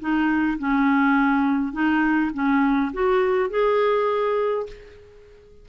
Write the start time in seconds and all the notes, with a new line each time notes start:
0.00 D#4
0.59 C#4
1.73 D#4
2.34 C#4
2.93 F#4
3.50 G#4